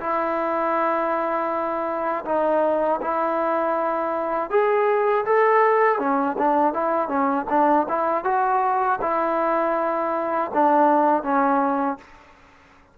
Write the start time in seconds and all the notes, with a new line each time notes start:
0.00 E4
2.25 D#4
3.02 E4
4.50 G#4
5.26 A4
5.99 C#4
6.39 D4
6.74 E4
7.08 C#4
7.50 D4
7.89 E4
8.25 F#4
9.02 E4
10.54 D4
11.23 C#4